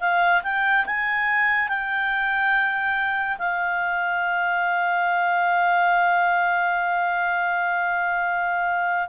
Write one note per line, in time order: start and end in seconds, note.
0.00 0.42 F5
0.43 0.86 G5
0.86 1.69 G#5
1.69 3.38 G5
3.38 9.09 F5